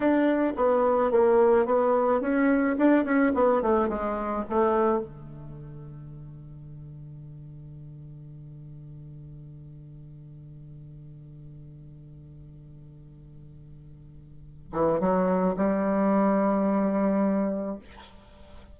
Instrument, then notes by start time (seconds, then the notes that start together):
bassoon
0.00 D4
0.56 B3
1.11 A#3
1.65 B3
2.20 C#4
2.78 D4
3.04 C#4
3.34 B3
3.61 A3
3.88 G#3
4.49 A3
4.99 D3
14.72 E3
15.00 F#3
15.56 G3